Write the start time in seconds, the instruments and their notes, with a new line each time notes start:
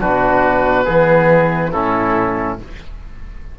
0.00 cello B2, trombone D4, oboe F#4 B4
0.85 cello E3, trombone B3, oboe G#4
1.72 cello A2, trombone C#4, oboe E4 A4